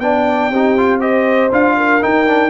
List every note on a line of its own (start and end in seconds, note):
0.00 0.50 B3
0.00 0.52 D4
0.00 0.52 D5
0.00 1.00 G5
0.50 1.50 C4
0.50 0.78 D#4
0.50 1.00 G4
0.78 1.01 F4
1.00 1.51 G4
1.00 1.75 C5
1.00 1.51 D#5
1.52 2.02 D4
1.52 2.01 F4
1.52 2.03 F5
1.77 2.50 A#4
2.01 2.26 D#4
2.01 2.50 D#4
2.01 2.50 G5
2.27 2.50 D4